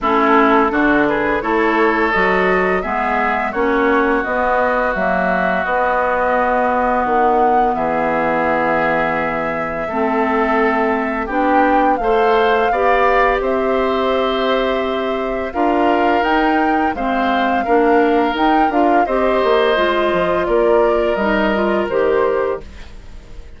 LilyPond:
<<
  \new Staff \with { instrumentName = "flute" } { \time 4/4 \tempo 4 = 85 a'4. b'8 cis''4 dis''4 | e''4 cis''4 dis''4 e''4 | dis''2 fis''4 e''4~ | e''1 |
g''4 f''2 e''4~ | e''2 f''4 g''4 | f''2 g''8 f''8 dis''4~ | dis''4 d''4 dis''4 c''4 | }
  \new Staff \with { instrumentName = "oboe" } { \time 4/4 e'4 fis'8 gis'8 a'2 | gis'4 fis'2.~ | fis'2. gis'4~ | gis'2 a'2 |
g'4 c''4 d''4 c''4~ | c''2 ais'2 | c''4 ais'2 c''4~ | c''4 ais'2. | }
  \new Staff \with { instrumentName = "clarinet" } { \time 4/4 cis'4 d'4 e'4 fis'4 | b4 cis'4 b4 ais4 | b1~ | b2 c'2 |
d'4 a'4 g'2~ | g'2 f'4 dis'4 | c'4 d'4 dis'8 f'8 g'4 | f'2 dis'8 f'8 g'4 | }
  \new Staff \with { instrumentName = "bassoon" } { \time 4/4 a4 d4 a4 fis4 | gis4 ais4 b4 fis4 | b2 dis4 e4~ | e2 a2 |
b4 a4 b4 c'4~ | c'2 d'4 dis'4 | gis4 ais4 dis'8 d'8 c'8 ais8 | gis8 f8 ais4 g4 dis4 | }
>>